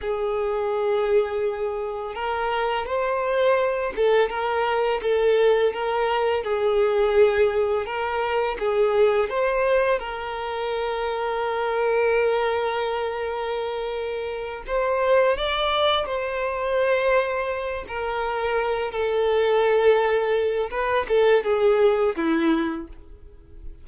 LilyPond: \new Staff \with { instrumentName = "violin" } { \time 4/4 \tempo 4 = 84 gis'2. ais'4 | c''4. a'8 ais'4 a'4 | ais'4 gis'2 ais'4 | gis'4 c''4 ais'2~ |
ais'1~ | ais'8 c''4 d''4 c''4.~ | c''4 ais'4. a'4.~ | a'4 b'8 a'8 gis'4 e'4 | }